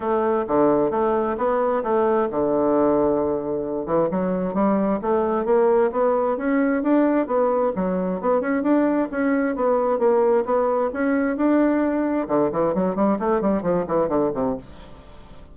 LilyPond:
\new Staff \with { instrumentName = "bassoon" } { \time 4/4 \tempo 4 = 132 a4 d4 a4 b4 | a4 d2.~ | d8 e8 fis4 g4 a4 | ais4 b4 cis'4 d'4 |
b4 fis4 b8 cis'8 d'4 | cis'4 b4 ais4 b4 | cis'4 d'2 d8 e8 | fis8 g8 a8 g8 f8 e8 d8 c8 | }